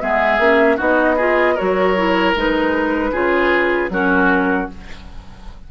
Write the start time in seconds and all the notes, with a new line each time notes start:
0.00 G#3 B3 G#4 E5
0.39 A#3 C#4
0.77 B3 D#4 F#4 D#5
1.17 F4 G#4
1.55 F#3 F#4 A#4 C#5
1.97 E4
2.36 G#3 D#4 B4
3.12 C#3 F4 G#4
3.90 F#3 C#4 F#4 A#4